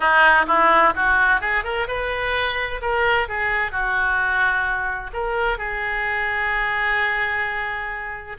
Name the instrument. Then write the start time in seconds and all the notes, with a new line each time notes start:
oboe
0.00 D#4
0.47 E4
0.95 F#4
1.40 G#4
1.64 A#4
1.87 B4
2.81 A#4
3.28 G#4
3.71 F#4
5.13 A#4
5.58 G#4